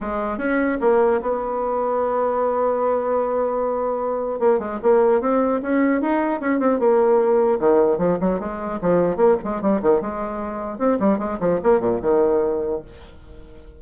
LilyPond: \new Staff \with { instrumentName = "bassoon" } { \time 4/4 \tempo 4 = 150 gis4 cis'4 ais4 b4~ | b1~ | b2. ais8 gis8 | ais4 c'4 cis'4 dis'4 |
cis'8 c'8 ais2 dis4 | f8 fis8 gis4 f4 ais8 gis8 | g8 dis8 gis2 c'8 g8 | gis8 f8 ais8 ais,8 dis2 | }